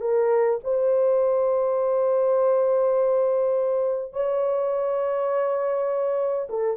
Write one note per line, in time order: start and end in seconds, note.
0.00 0.59 A#4
0.63 4.12 C5
4.12 6.48 C#5
6.49 6.76 A4